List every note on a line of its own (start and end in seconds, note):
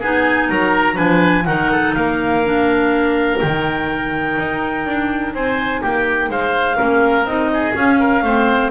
0.00 0.50 B3
0.00 0.95 D#4
0.00 0.48 G#4
0.00 0.50 G#5
0.50 0.98 F#3
0.50 0.95 A#4
0.50 0.98 A#5
0.95 1.47 F3
0.95 1.44 D4
0.95 1.44 B4
0.95 1.46 G#5
1.46 1.96 D#3
1.46 2.44 D#4
1.46 1.72 A#4
1.46 1.94 F#5
1.72 1.96 A4
1.94 3.42 A#3
1.94 5.35 A#4
1.94 3.39 F5
2.45 3.41 D4
3.40 4.38 D#3
3.40 6.77 D#4
3.40 5.34 G5
4.38 4.87 D#4
4.87 5.34 D4
5.34 5.82 C4
5.34 5.82 C5
5.34 5.83 G#5
5.82 6.29 A#3
5.82 6.30 G4
5.82 6.31 G5
6.29 6.78 G#3
6.29 6.78 C5
6.29 7.26 F5
6.77 7.25 A#3
6.77 7.25 C#4
6.77 7.50 A#4
7.25 7.73 C4
7.25 7.73 D#4
7.25 7.74 D#5
7.54 8.00 G#4
7.73 8.22 C#4
7.73 8.23 C#4
7.73 8.71 F5
8.00 8.24 A#4
8.23 8.71 A3
8.23 8.71 C4
8.23 8.71 C5